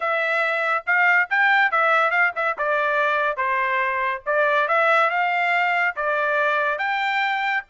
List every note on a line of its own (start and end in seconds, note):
0.00 0.84 E5
0.86 1.29 F5
1.30 1.71 G5
1.71 2.10 E5
2.10 2.32 F5
2.35 2.56 E5
2.57 3.36 D5
3.36 4.21 C5
4.26 4.68 D5
4.68 5.09 E5
5.09 5.95 F5
5.96 6.78 D5
6.78 7.63 G5